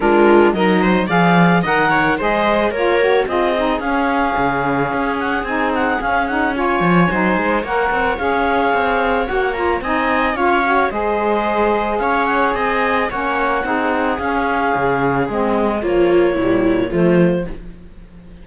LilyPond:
<<
  \new Staff \with { instrumentName = "clarinet" } { \time 4/4 \tempo 4 = 110 ais'4 dis''4 f''4 fis''4 | dis''4 cis''4 dis''4 f''4~ | f''4. fis''8 gis''8 fis''8 f''8 fis''8 | gis''2 fis''4 f''4~ |
f''4 fis''8 ais''8 gis''4 f''4 | dis''2 f''8 fis''8 gis''4 | fis''2 f''2 | dis''4 cis''2 c''4 | }
  \new Staff \with { instrumentName = "viola" } { \time 4/4 f'4 ais'8 c''8 d''4 dis''8 cis''8 | c''4 ais'4 gis'2~ | gis'1 | cis''4 c''4 cis''2~ |
cis''2 dis''4 cis''4 | c''2 cis''4 dis''4 | cis''4 gis'2.~ | gis'4 f'4 e'4 f'4 | }
  \new Staff \with { instrumentName = "saxophone" } { \time 4/4 d'4 dis'4 gis'4 ais'4 | gis'4 f'8 fis'8 f'8 dis'8 cis'4~ | cis'2 dis'4 cis'8 dis'8 | f'4 dis'4 ais'4 gis'4~ |
gis'4 fis'8 f'8 dis'4 f'8 fis'8 | gis'1 | cis'4 dis'4 cis'2 | c'4 f4 g4 a4 | }
  \new Staff \with { instrumentName = "cello" } { \time 4/4 gis4 fis4 f4 dis4 | gis4 ais4 c'4 cis'4 | cis4 cis'4 c'4 cis'4~ | cis'8 f8 fis8 gis8 ais8 c'8 cis'4 |
c'4 ais4 c'4 cis'4 | gis2 cis'4 c'4 | ais4 c'4 cis'4 cis4 | gis4 ais4 ais,4 f4 | }
>>